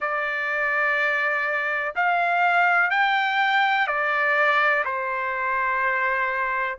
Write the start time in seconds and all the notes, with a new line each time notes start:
0.00 D5
1.95 F5
2.90 G5
3.87 D5
4.84 C5